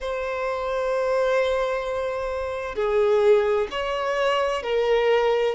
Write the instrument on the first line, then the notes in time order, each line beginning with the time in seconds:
violin
0.00 C5
2.75 G#4
3.70 C#5
4.62 A#4